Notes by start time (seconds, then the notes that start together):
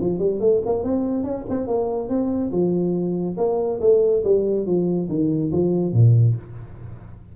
0.00 F3
0.19 G3
0.40 A3
0.66 A#3
0.84 C4
1.24 C#4
1.49 C4
1.67 A#3
2.09 C4
2.51 F3
3.37 A#3
3.81 A3
4.24 G3
4.66 F3
5.09 D#3
5.52 F3
5.93 A#2